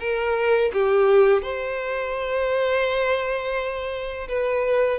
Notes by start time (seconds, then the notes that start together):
0.00 A#4
0.73 G4
1.42 C5
4.28 B4